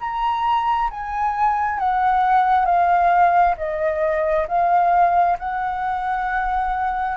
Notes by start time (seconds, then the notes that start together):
0.00 A#5
0.91 G#5
1.79 F#5
2.65 F5
3.57 D#5
4.48 F5
5.39 F#5